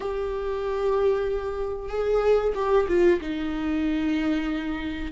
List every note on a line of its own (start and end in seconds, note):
0.00 1.89 G4
1.89 2.53 G#4
2.54 2.86 G4
2.88 3.20 F4
3.20 5.11 D#4